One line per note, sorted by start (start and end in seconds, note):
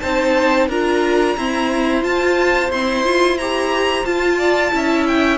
0.00 0.69 C4
0.00 0.70 D#4
0.00 0.69 C5
0.00 0.67 A5
0.69 1.36 D4
0.69 1.38 F4
0.69 1.36 A#4
0.69 2.04 A#5
1.37 2.02 C4
1.37 2.04 E4
1.37 4.38 C5
2.02 2.69 F4
2.02 2.70 F4
2.02 2.71 A5
2.70 3.05 C4
2.70 4.04 E4
2.70 3.38 C6
3.05 3.38 F4
3.38 4.05 G4
3.38 4.05 A#5
4.05 4.72 F4
4.05 4.73 F4
4.05 5.07 A5
4.38 4.72 D5
4.72 5.38 C#4
4.72 5.38 E4
4.72 5.38 E5
5.08 5.38 G5